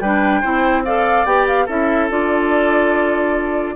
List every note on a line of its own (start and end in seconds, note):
0.00 0.42 G3
0.00 0.42 D4
0.00 0.40 B4
0.00 0.84 G5
0.40 1.25 C4
0.40 0.84 E4
0.40 0.82 C5
0.84 1.26 A4
0.84 1.65 D5
0.84 1.25 F5
1.25 1.66 B3
1.25 1.67 G4
1.25 1.46 G5
1.47 1.68 F5
1.65 2.10 C#4
1.65 2.09 E4
1.65 3.73 A4
1.65 2.10 E5
2.09 3.76 D4
2.09 3.76 F4
2.09 3.76 D5